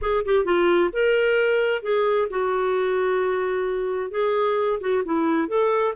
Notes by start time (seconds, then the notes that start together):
0.01 G#4
0.25 G4
0.44 F4
0.93 A#4
1.82 G#4
2.29 F#4
4.11 G#4
4.80 F#4
5.04 E4
5.48 A4